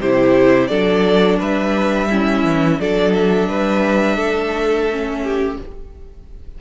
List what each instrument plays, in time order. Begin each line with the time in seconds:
0.00 cello C3, viola E4, violin G4 C5
0.67 cello F#3, viola D4, violin A4 D5
1.39 cello G3, violin B4 E5
2.10 viola C#4, violin E4
2.43 cello E3
2.80 cello F#3, viola D4, violin A4 D5
3.13 violin E5
3.48 cello G3, violin B4
4.16 cello A3, violin A4
4.91 viola C#4
5.23 violin G4